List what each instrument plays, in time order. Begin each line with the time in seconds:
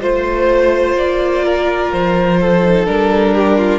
0.00 cello A3, viola F4, violin C5
0.97 cello A#3, violin D5
1.45 violin A#4
1.92 cello F3, violin C5
2.41 violin A4
2.62 viola D#4
2.86 cello G3, viola D4, violin A#4
3.35 violin G4
3.58 violin F4